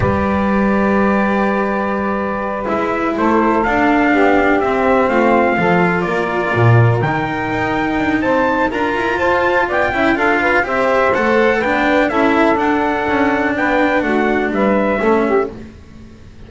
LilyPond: <<
  \new Staff \with { instrumentName = "trumpet" } { \time 4/4 \tempo 4 = 124 d''1~ | d''4. e''4 c''4 f''8~ | f''4. e''4 f''4.~ | f''8 d''2 g''4.~ |
g''4 a''4 ais''4 a''4 | g''4 f''4 e''4 fis''4 | g''4 e''4 fis''2 | g''4 fis''4 e''2 | }
  \new Staff \with { instrumentName = "saxophone" } { \time 4/4 b'1~ | b'2~ b'8 a'4.~ | a'8 g'2 f'4 a'8~ | a'8 ais'2.~ ais'8~ |
ais'4 c''4 ais'4 c''4 | d''8 e''8 a'8 b'8 c''2 | b'4 a'2. | b'4 fis'4 b'4 a'8 g'8 | }
  \new Staff \with { instrumentName = "cello" } { \time 4/4 g'1~ | g'4. e'2 d'8~ | d'4. c'2 f'8~ | f'2~ f'8 dis'4.~ |
dis'2 f'2~ | f'8 e'8 f'4 g'4 a'4 | d'4 e'4 d'2~ | d'2. cis'4 | }
  \new Staff \with { instrumentName = "double bass" } { \time 4/4 g1~ | g4. gis4 a4 d'8~ | d'8 b4 c'4 a4 f8~ | f8 ais4 ais,4 dis4 dis'8~ |
dis'8 d'8 c'4 d'8 e'8 f'4 | b8 cis'8 d'4 c'4 a4 | b4 cis'4 d'4 cis'4 | b4 a4 g4 a4 | }
>>